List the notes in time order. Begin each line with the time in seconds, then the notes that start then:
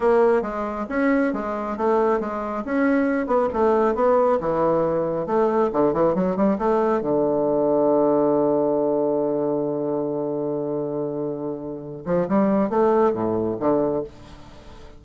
0.00 A#3
0.42 G#3
0.89 C#4
1.33 G#3
1.77 A3
2.20 G#3
2.64 C#4
3.26 B3
3.53 A3
3.95 B3
4.40 E3
5.26 A3
5.72 D3
5.93 E3
6.15 F#3
6.36 G3
6.58 A3
7.01 D3
12.05 F3
12.28 G3
12.69 A3
13.13 A2
13.59 D3